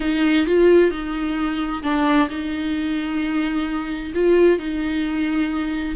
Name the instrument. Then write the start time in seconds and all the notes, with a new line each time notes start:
viola
0.00 D#4
0.46 F4
0.90 D#4
1.82 D4
2.29 D#4
4.14 F4
4.58 D#4